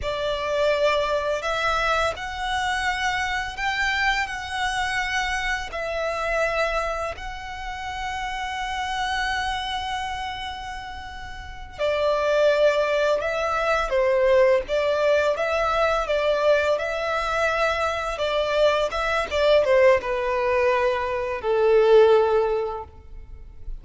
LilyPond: \new Staff \with { instrumentName = "violin" } { \time 4/4 \tempo 4 = 84 d''2 e''4 fis''4~ | fis''4 g''4 fis''2 | e''2 fis''2~ | fis''1~ |
fis''8 d''2 e''4 c''8~ | c''8 d''4 e''4 d''4 e''8~ | e''4. d''4 e''8 d''8 c''8 | b'2 a'2 | }